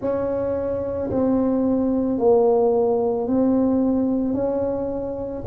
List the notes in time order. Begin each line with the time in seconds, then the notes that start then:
0.00 C#4
1.10 C4
2.18 A#3
3.27 C4
4.33 C#4